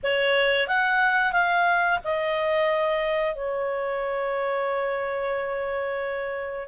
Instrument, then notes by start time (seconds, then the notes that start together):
clarinet
0.03 C#5
0.67 F#5
1.32 F5
2.03 D#5
3.35 C#5